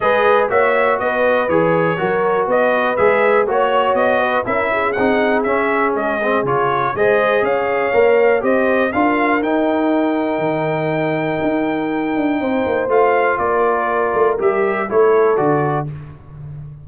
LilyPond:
<<
  \new Staff \with { instrumentName = "trumpet" } { \time 4/4 \tempo 4 = 121 dis''4 e''4 dis''4 cis''4~ | cis''4 dis''4 e''4 cis''4 | dis''4 e''4 fis''4 e''4 | dis''4 cis''4 dis''4 f''4~ |
f''4 dis''4 f''4 g''4~ | g''1~ | g''2 f''4 d''4~ | d''4 e''4 cis''4 d''4 | }
  \new Staff \with { instrumentName = "horn" } { \time 4/4 b'4 cis''4 b'2 | ais'4 b'2 cis''4~ | cis''8 b'8 ais'8 gis'2~ gis'8~ | gis'2 c''4 cis''4~ |
cis''4 c''4 ais'2~ | ais'1~ | ais'4 c''2 ais'4~ | ais'2 a'2 | }
  \new Staff \with { instrumentName = "trombone" } { \time 4/4 gis'4 fis'2 gis'4 | fis'2 gis'4 fis'4~ | fis'4 e'4 dis'4 cis'4~ | cis'8 c'8 f'4 gis'2 |
ais'4 g'4 f'4 dis'4~ | dis'1~ | dis'2 f'2~ | f'4 g'4 e'4 fis'4 | }
  \new Staff \with { instrumentName = "tuba" } { \time 4/4 gis4 ais4 b4 e4 | fis4 b4 gis4 ais4 | b4 cis'4 c'4 cis'4 | gis4 cis4 gis4 cis'4 |
ais4 c'4 d'4 dis'4~ | dis'4 dis2 dis'4~ | dis'8 d'8 c'8 ais8 a4 ais4~ | ais8 a8 g4 a4 d4 | }
>>